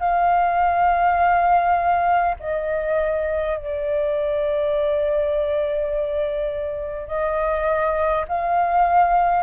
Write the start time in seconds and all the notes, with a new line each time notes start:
0.00 F5
2.40 D#5
3.58 D5
7.07 D#5
8.29 F5